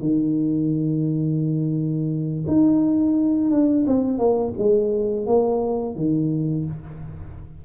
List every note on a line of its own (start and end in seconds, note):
0.00 2.45 D#3
2.47 3.50 D#4
3.50 3.85 D4
3.87 4.18 C4
4.18 4.53 A#3
4.58 5.26 G#3
5.26 5.95 A#3
5.95 6.65 D#3